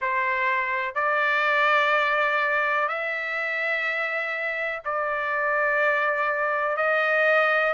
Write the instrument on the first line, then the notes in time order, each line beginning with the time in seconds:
trumpet
0.01 C5
0.94 D5
2.88 E5
4.84 D5
6.77 D#5